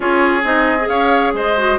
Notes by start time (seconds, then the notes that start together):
0.00 C#4 F4 G#4 C#5
0.44 C4 D#4 D#5
0.80 G#4
0.87 C#4 C#5 F5
1.33 G#3 C5 D#5
1.57 F#4